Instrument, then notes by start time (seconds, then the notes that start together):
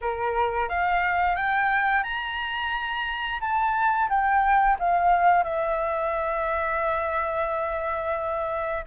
flute
0.01 A#4
0.68 F5
1.36 G5
2.03 A#5
3.40 A5
4.09 G5
4.79 F5
5.43 E5